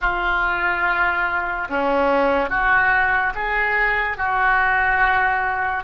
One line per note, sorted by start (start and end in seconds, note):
0.01 1.67 F4
1.69 2.49 C#4
2.49 3.33 F#4
3.34 4.17 G#4
4.17 5.83 F#4